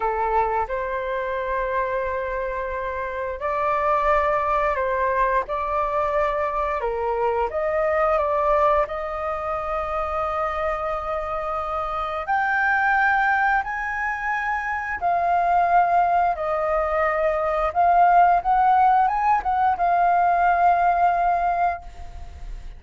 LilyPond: \new Staff \with { instrumentName = "flute" } { \time 4/4 \tempo 4 = 88 a'4 c''2.~ | c''4 d''2 c''4 | d''2 ais'4 dis''4 | d''4 dis''2.~ |
dis''2 g''2 | gis''2 f''2 | dis''2 f''4 fis''4 | gis''8 fis''8 f''2. | }